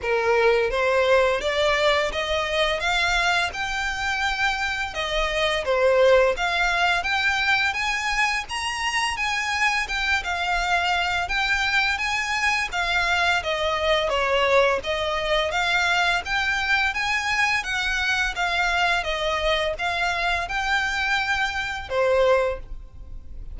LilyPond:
\new Staff \with { instrumentName = "violin" } { \time 4/4 \tempo 4 = 85 ais'4 c''4 d''4 dis''4 | f''4 g''2 dis''4 | c''4 f''4 g''4 gis''4 | ais''4 gis''4 g''8 f''4. |
g''4 gis''4 f''4 dis''4 | cis''4 dis''4 f''4 g''4 | gis''4 fis''4 f''4 dis''4 | f''4 g''2 c''4 | }